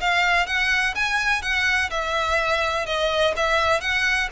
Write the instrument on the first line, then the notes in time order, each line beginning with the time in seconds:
violin
0.00 F5
0.46 F#5
0.95 G#5
1.42 F#5
1.90 E5
2.86 D#5
3.36 E5
3.81 F#5